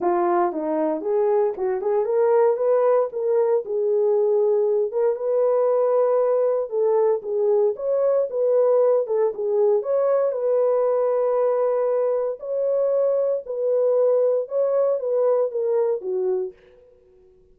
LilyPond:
\new Staff \with { instrumentName = "horn" } { \time 4/4 \tempo 4 = 116 f'4 dis'4 gis'4 fis'8 gis'8 | ais'4 b'4 ais'4 gis'4~ | gis'4. ais'8 b'2~ | b'4 a'4 gis'4 cis''4 |
b'4. a'8 gis'4 cis''4 | b'1 | cis''2 b'2 | cis''4 b'4 ais'4 fis'4 | }